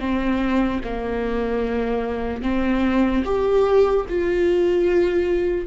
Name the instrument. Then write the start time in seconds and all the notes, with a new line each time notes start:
viola
0.00 C4
0.84 A#3
2.43 C4
3.25 G4
4.09 F4